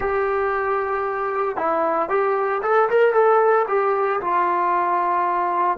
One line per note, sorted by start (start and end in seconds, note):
0.00 1.56 G4
1.56 2.09 E4
2.09 2.61 G4
2.62 2.89 A4
2.89 3.13 A#4
3.13 3.66 A4
3.67 4.20 G4
4.20 5.78 F4